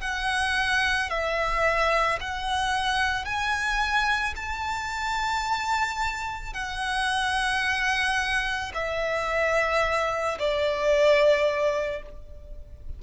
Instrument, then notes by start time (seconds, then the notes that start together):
violin
0.00 F#5
1.10 E5
2.21 F#5
3.25 G#5
4.36 A5
6.53 F#5
8.74 E5
10.39 D5